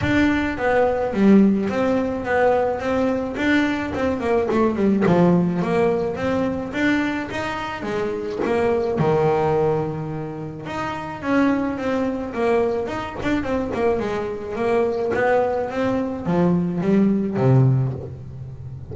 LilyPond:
\new Staff \with { instrumentName = "double bass" } { \time 4/4 \tempo 4 = 107 d'4 b4 g4 c'4 | b4 c'4 d'4 c'8 ais8 | a8 g8 f4 ais4 c'4 | d'4 dis'4 gis4 ais4 |
dis2. dis'4 | cis'4 c'4 ais4 dis'8 d'8 | c'8 ais8 gis4 ais4 b4 | c'4 f4 g4 c4 | }